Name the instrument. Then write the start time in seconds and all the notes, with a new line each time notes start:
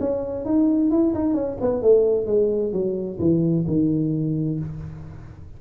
tuba
0.00 C#4
0.45 D#4
0.91 E4
1.14 D#4
1.34 C#4
1.61 B3
1.82 A3
2.26 G#3
2.72 F#3
3.19 E3
3.67 D#3